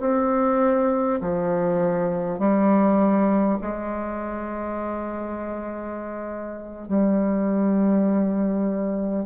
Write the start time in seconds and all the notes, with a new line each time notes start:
0.00 C4
1.21 F3
2.38 G3
3.61 G#3
6.88 G3